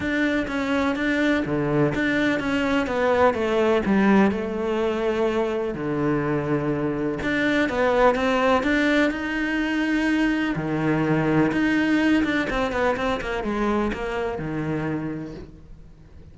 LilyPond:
\new Staff \with { instrumentName = "cello" } { \time 4/4 \tempo 4 = 125 d'4 cis'4 d'4 d4 | d'4 cis'4 b4 a4 | g4 a2. | d2. d'4 |
b4 c'4 d'4 dis'4~ | dis'2 dis2 | dis'4. d'8 c'8 b8 c'8 ais8 | gis4 ais4 dis2 | }